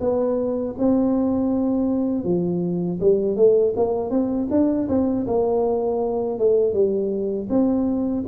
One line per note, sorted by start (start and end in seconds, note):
0.00 0.75 B3
0.78 2.24 C4
2.24 2.99 F3
3.00 3.36 G3
3.36 3.74 A3
3.76 4.10 A#3
4.10 4.47 C4
4.50 4.88 D4
4.88 5.26 C4
5.26 6.39 A#3
6.39 6.73 A3
6.73 7.48 G3
7.49 8.24 C4